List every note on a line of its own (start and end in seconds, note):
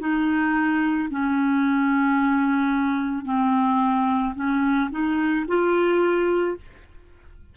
0.00 1.09 D#4
1.11 3.25 C#4
3.25 4.34 C4
4.35 4.90 C#4
4.91 5.46 D#4
5.48 6.57 F4